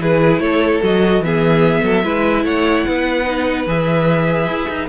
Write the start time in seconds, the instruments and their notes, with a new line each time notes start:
0.00 cello E3, viola E4, violin G#4 B4
0.39 cello A3, violin A4 C#5
0.83 cello F#3, viola F#4, violin D#5
1.20 cello E3, viola B3, violin G#4 E5
1.83 cello F#3, violin A4
2.03 cello G#3, viola E4, violin B4
2.44 cello A3, violin C#5 F#5
2.86 cello B3, violin B4
3.25 viola D#4
3.67 cello E3, viola G#4, violin E5
4.48 cello E4
4.69 cello D#4